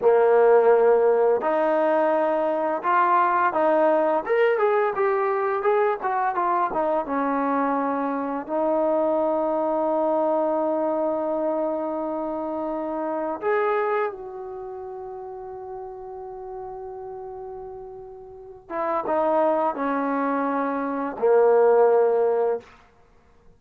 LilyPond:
\new Staff \with { instrumentName = "trombone" } { \time 4/4 \tempo 4 = 85 ais2 dis'2 | f'4 dis'4 ais'8 gis'8 g'4 | gis'8 fis'8 f'8 dis'8 cis'2 | dis'1~ |
dis'2. gis'4 | fis'1~ | fis'2~ fis'8 e'8 dis'4 | cis'2 ais2 | }